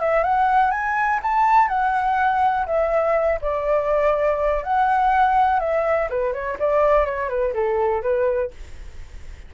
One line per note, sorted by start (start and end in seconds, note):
0.00 0.24 E5
0.24 0.71 F#5
0.71 1.20 G#5
1.23 1.68 A5
1.68 2.66 F#5
2.67 3.40 E5
3.42 4.64 D5
4.64 5.60 F#5
5.60 6.09 E5
6.10 6.33 B4
6.33 6.57 C#5
6.60 7.06 D5
7.06 7.29 C#5
7.29 7.53 B4
7.54 8.02 A4
8.02 8.51 B4